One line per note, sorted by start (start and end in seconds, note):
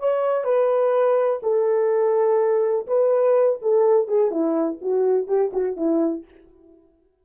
0.00 0.45 C#5
0.45 1.41 B4
1.43 2.87 A4
2.88 3.60 B4
3.62 4.08 A4
4.08 4.32 G#4
4.32 4.80 E4
4.82 5.28 F#4
5.28 5.52 G4
5.54 5.77 F#4
5.77 6.25 E4